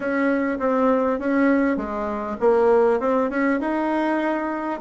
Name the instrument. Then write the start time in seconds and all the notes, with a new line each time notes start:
bassoon
0.00 C#4
0.59 C4
1.19 C#4
1.76 G#3
2.39 A#3
2.99 C4
3.30 C#4
3.60 D#4